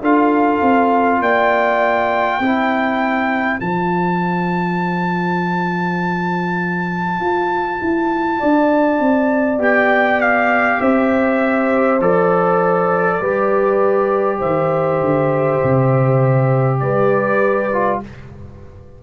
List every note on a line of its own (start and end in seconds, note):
0.00 0.60 D4
0.00 2.42 F4
0.00 1.20 A4
0.00 1.22 F5
0.61 1.20 C4
1.20 2.40 A#3
1.20 2.42 D5
1.20 3.60 G5
2.40 3.60 C4
2.40 3.59 E4
2.40 8.39 C5
3.59 7.20 F3
3.59 9.59 F4
3.59 9.60 A5
7.20 7.80 F4
7.81 8.41 E4
8.39 8.99 D4
8.39 10.79 D5
8.99 9.58 C4
9.58 10.78 B3
9.58 11.98 G4
9.58 10.21 G5
10.21 10.81 F5
10.81 12.00 C4
10.81 13.19 C5
10.81 12.01 E5
12.00 13.20 F3
12.00 13.21 A4
12.00 14.40 D5
13.19 14.41 G3
13.19 17.71 G4
13.19 14.38 B4
14.38 15.00 D#3
14.38 16.79 C5
14.38 16.79 E5
15.00 15.60 D3
15.63 16.82 C3
16.79 18.02 G3
16.79 18.02 B4
16.79 17.99 D5
17.73 18.03 F4